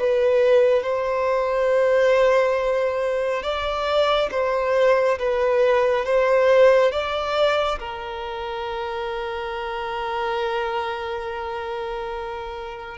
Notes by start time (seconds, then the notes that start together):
0.00 B4
0.83 C5
3.43 D5
4.31 C5
5.19 B4
6.06 C5
6.92 D5
7.79 A#4